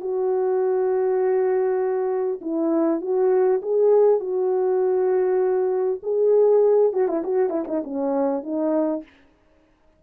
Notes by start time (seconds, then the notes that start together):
0.00 F#4
2.41 E4
3.01 F#4
3.62 G#4
4.20 F#4
6.02 G#4
6.93 F#4
7.08 E4
7.24 F#4
7.49 E4
7.67 D#4
7.84 C#4
8.43 D#4